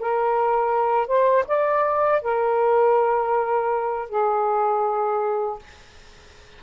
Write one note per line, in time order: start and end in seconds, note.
0.00 1.08 A#4
1.08 1.45 C5
1.48 2.22 D5
2.22 4.10 A#4
4.10 5.60 G#4